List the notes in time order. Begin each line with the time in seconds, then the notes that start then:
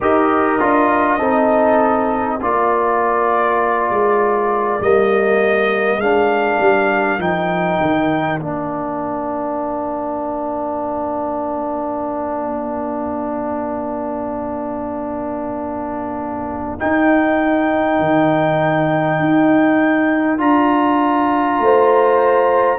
0.00 D#4 G4 A#4 D#5
0.59 D4 F4
1.18 C4 D#4 A4
2.38 A#3 F4 A#4 D5
3.90 G#3
4.80 G3 A#3 D#5
5.97 G#3 D4 F5
6.60 G3
7.19 F3 D#4 G5
7.79 D#3
8.38 A#3 D4 F5
16.78 D#4 G5
17.99 D#3
19.19 D#4
20.38 D4 F4 A#5
21.59 A3 C5